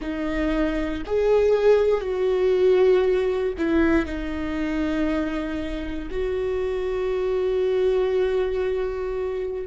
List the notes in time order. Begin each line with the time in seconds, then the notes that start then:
0.00 D#4
1.05 G#4
2.01 F#4
3.57 E4
4.05 D#4
6.11 F#4